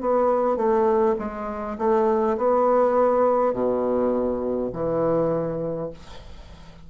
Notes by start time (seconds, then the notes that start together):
0.00 B3
0.56 A3
1.18 G#3
1.78 A3
2.37 B3
3.52 B2
4.72 E3